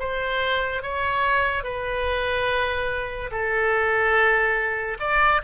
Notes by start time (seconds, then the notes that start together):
0.00 C5
0.83 C#5
1.64 B4
3.31 A4
5.00 D5